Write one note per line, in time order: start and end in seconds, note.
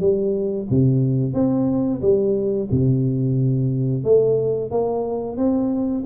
0.00 0.67 G3
0.70 1.34 C3
1.34 2.01 C4
2.02 2.69 G3
2.71 4.04 C3
4.04 4.71 A3
4.71 5.37 A#3
5.37 6.04 C4